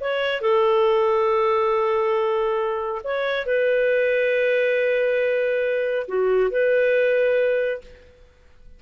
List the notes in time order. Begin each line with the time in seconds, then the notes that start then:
0.00 C#5
0.41 A4
3.04 C#5
3.46 B4
6.08 F#4
6.51 B4